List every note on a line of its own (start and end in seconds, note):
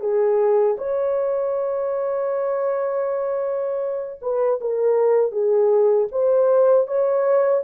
0.00 0.76 G#4
0.78 4.19 C#5
4.22 4.59 B4
4.61 5.31 A#4
5.31 6.07 G#4
6.11 6.87 C5
6.87 7.63 C#5